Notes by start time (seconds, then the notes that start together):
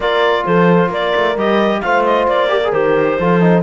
0.00 A#3 F4 A#4 D5
0.45 F3 A4 C5
0.88 A#3 A#4 D5
1.15 A3
1.36 G3 G4 D#5
1.81 A3 F4 C5 F5
2.04 D#5
2.27 A#3 D5
2.48 G4 A#4
2.64 G#4
2.72 D#3 G4 C5
3.19 F3 F4 A4
3.40 D#4